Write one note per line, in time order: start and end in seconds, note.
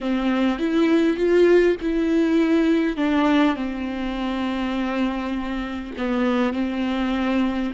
0.01 0.59 C4
0.59 1.16 E4
1.16 1.76 F4
1.81 2.96 E4
2.96 3.56 D4
3.56 5.93 C4
5.97 6.53 B3
6.53 7.72 C4